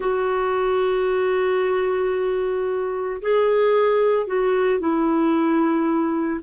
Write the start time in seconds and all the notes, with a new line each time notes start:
0.00 F#4
3.21 G#4
4.27 F#4
4.79 E4